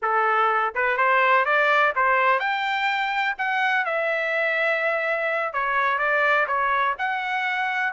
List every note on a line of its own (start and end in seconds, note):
0.02 0.74 A4
0.74 0.97 B4
0.97 1.45 C5
1.45 1.93 D5
1.95 2.39 C5
2.39 3.35 G5
3.38 3.85 F#5
3.85 5.53 E5
5.53 5.98 C#5
5.98 6.46 D5
6.47 6.95 C#5
6.98 7.93 F#5